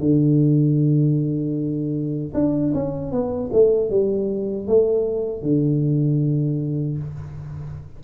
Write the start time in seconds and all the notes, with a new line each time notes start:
0.00 D3
2.34 D4
2.74 C#4
3.12 B3
3.53 A3
3.90 G3
4.68 A3
5.43 D3